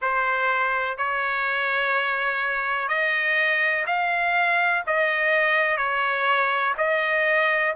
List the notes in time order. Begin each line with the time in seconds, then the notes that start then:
0.01 C5
0.97 C#5
2.88 D#5
3.86 F5
4.87 D#5
5.77 C#5
6.77 D#5